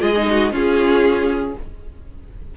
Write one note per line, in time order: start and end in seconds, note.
0.00 0.51 G#3
0.00 0.13 F4
0.00 0.26 G#4
0.00 0.52 D#5
0.16 0.52 D#4
0.30 0.52 F#4
0.51 1.53 C#4
0.51 1.54 F4
0.51 1.57 G#4